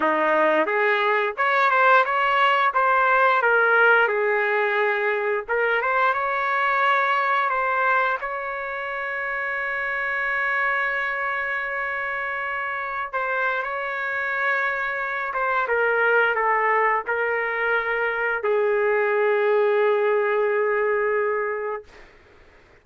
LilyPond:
\new Staff \with { instrumentName = "trumpet" } { \time 4/4 \tempo 4 = 88 dis'4 gis'4 cis''8 c''8 cis''4 | c''4 ais'4 gis'2 | ais'8 c''8 cis''2 c''4 | cis''1~ |
cis''2.~ cis''16 c''8. | cis''2~ cis''8 c''8 ais'4 | a'4 ais'2 gis'4~ | gis'1 | }